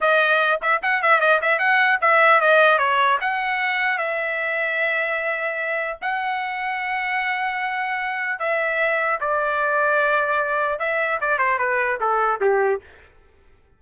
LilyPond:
\new Staff \with { instrumentName = "trumpet" } { \time 4/4 \tempo 4 = 150 dis''4. e''8 fis''8 e''8 dis''8 e''8 | fis''4 e''4 dis''4 cis''4 | fis''2 e''2~ | e''2. fis''4~ |
fis''1~ | fis''4 e''2 d''4~ | d''2. e''4 | d''8 c''8 b'4 a'4 g'4 | }